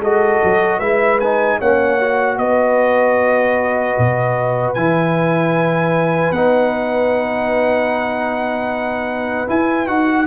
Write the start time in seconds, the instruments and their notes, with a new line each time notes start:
0.00 tuba G#3, trombone F#4, horn A4, trumpet D#5
0.43 tuba F#3
0.79 tuba G#3, trombone E4, horn B4, trumpet E5
1.20 trombone D#4, trumpet G#5
1.58 tuba A#3, trombone C#4, horn C#5, trumpet F#5
2.00 trombone F#4
2.37 tuba B3, horn B4, trumpet D#5
3.98 tuba B2
4.74 tuba E3, trombone E4, trumpet G#5
6.32 tuba B3, trombone D#4, trumpet F#5
9.47 trombone E4, tuba E4, trumpet G#5
9.87 tuba D#4, trombone F#4, trumpet F#5